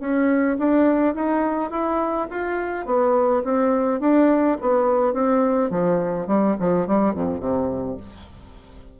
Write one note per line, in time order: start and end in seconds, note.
0.00 0.57 C#4
0.58 1.15 D4
1.15 1.70 D#4
1.70 2.28 E4
2.30 2.86 F4
2.86 3.43 B3
3.44 4.00 C4
4.00 4.57 D4
4.61 5.13 B3
5.13 5.70 C4
5.70 6.27 F3
6.27 6.56 G3
6.60 6.87 F3
6.87 7.14 G3
7.14 7.40 F2
7.40 7.97 C3